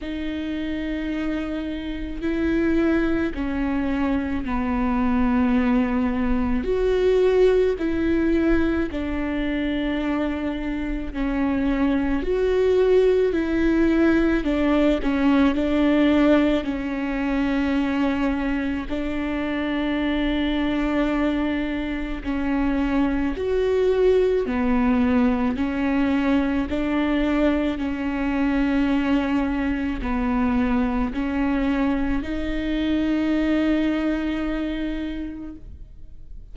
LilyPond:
\new Staff \with { instrumentName = "viola" } { \time 4/4 \tempo 4 = 54 dis'2 e'4 cis'4 | b2 fis'4 e'4 | d'2 cis'4 fis'4 | e'4 d'8 cis'8 d'4 cis'4~ |
cis'4 d'2. | cis'4 fis'4 b4 cis'4 | d'4 cis'2 b4 | cis'4 dis'2. | }